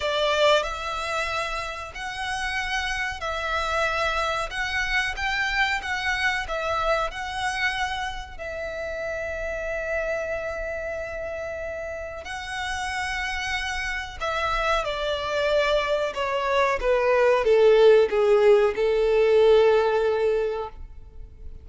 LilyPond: \new Staff \with { instrumentName = "violin" } { \time 4/4 \tempo 4 = 93 d''4 e''2 fis''4~ | fis''4 e''2 fis''4 | g''4 fis''4 e''4 fis''4~ | fis''4 e''2.~ |
e''2. fis''4~ | fis''2 e''4 d''4~ | d''4 cis''4 b'4 a'4 | gis'4 a'2. | }